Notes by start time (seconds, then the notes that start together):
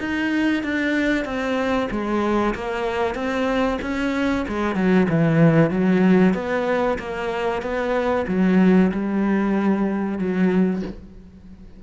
0.00 D#4
0.64 D4
1.25 C4
1.91 G#3
2.55 A#3
3.15 C4
3.82 C#4
4.49 G#3
4.76 F#3
5.09 E3
5.71 F#3
6.35 B3
6.99 A#3
7.62 B3
8.28 F#3
8.92 G3
10.19 F#3